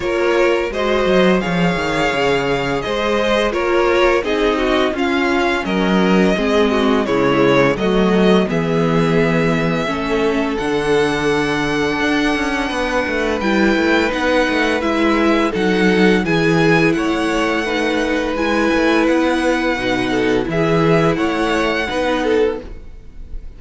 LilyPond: <<
  \new Staff \with { instrumentName = "violin" } { \time 4/4 \tempo 4 = 85 cis''4 dis''4 f''2 | dis''4 cis''4 dis''4 f''4 | dis''2 cis''4 dis''4 | e''2. fis''4~ |
fis''2. g''4 | fis''4 e''4 fis''4 gis''4 | fis''2 gis''4 fis''4~ | fis''4 e''4 fis''2 | }
  \new Staff \with { instrumentName = "violin" } { \time 4/4 ais'4 c''4 cis''2 | c''4 ais'4 gis'8 fis'8 f'4 | ais'4 gis'8 fis'8 e'4 fis'4 | gis'2 a'2~ |
a'2 b'2~ | b'2 a'4 gis'4 | cis''4 b'2.~ | b'8 a'8 gis'4 cis''4 b'8 a'8 | }
  \new Staff \with { instrumentName = "viola" } { \time 4/4 f'4 fis'4 gis'2~ | gis'4 f'4 dis'4 cis'4~ | cis'4 c'4 gis4 a4 | b2 cis'4 d'4~ |
d'2. e'4 | dis'4 e'4 dis'4 e'4~ | e'4 dis'4 e'2 | dis'4 e'2 dis'4 | }
  \new Staff \with { instrumentName = "cello" } { \time 4/4 ais4 gis8 fis8 f8 dis8 cis4 | gis4 ais4 c'4 cis'4 | fis4 gis4 cis4 fis4 | e2 a4 d4~ |
d4 d'8 cis'8 b8 a8 g8 a8 | b8 a8 gis4 fis4 e4 | a2 gis8 a8 b4 | b,4 e4 a4 b4 | }
>>